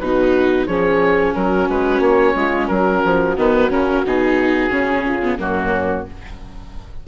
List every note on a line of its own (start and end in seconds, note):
0.00 0.68 B2
0.00 0.69 D#4
0.00 0.67 F#4
0.00 0.67 B4
0.67 1.35 F3
0.67 3.37 C#4
0.67 1.35 G#4
0.67 1.34 C#5
1.35 1.69 F#3
1.35 2.37 F#4
1.35 1.69 A#4
1.69 2.00 G#3
1.69 2.02 B4
2.00 2.33 A#3
2.00 2.68 C#5
2.35 2.69 G#3
2.35 2.69 F4
2.68 3.03 F#3
2.68 5.04 F#4
2.68 3.35 A#4
3.04 3.37 F3
3.37 3.70 D#3
3.37 3.71 B3
3.37 3.72 B4
3.70 4.03 C#3
3.70 4.04 C#4
3.70 4.05 A#4
4.05 4.70 B2
4.05 4.70 D#4
4.05 5.40 G#4
4.70 5.38 C#3
4.70 5.21 C#4
5.05 5.39 F4
5.23 5.39 B3
5.38 6.05 F#2
5.38 6.06 A#3
5.38 6.06 C#4
5.38 6.08 F#4